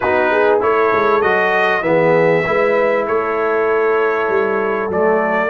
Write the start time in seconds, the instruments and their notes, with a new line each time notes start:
0.00 tuba B3, trombone D#4, horn F#4, trumpet B4
0.31 horn G#4
0.60 tuba A3, trombone E4, horn A4, trumpet C#5
0.93 tuba G#3
1.21 tuba F#3, trombone F#4, trumpet D#5
1.81 tuba E3, trombone B3, horn G#4, trumpet E5
2.46 tuba G#3, trombone E4, horn B4
3.07 tuba A3, horn A4, trumpet C#5
4.28 tuba G3
4.88 tuba F#3, trombone A3, trumpet D5